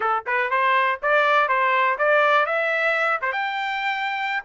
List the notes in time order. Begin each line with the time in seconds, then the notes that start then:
0.00 A4
0.26 B4
0.50 C5
1.02 D5
1.48 C5
1.98 D5
2.46 E5
3.21 C5
3.32 G5